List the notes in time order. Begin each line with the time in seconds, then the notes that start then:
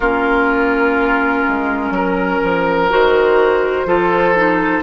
0.00 A#3 C#4 F4 A#4
1.48 G#3
1.90 F#3 A#4
2.43 F3
2.90 D#3 F#4 C5
3.85 F3 F4 A4
4.35 D#4